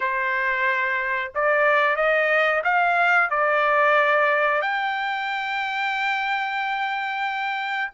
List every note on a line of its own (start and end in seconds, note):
0.00 1.32 C5
1.35 1.96 D5
1.96 2.62 D#5
2.64 3.30 F5
3.30 4.61 D5
4.61 7.91 G5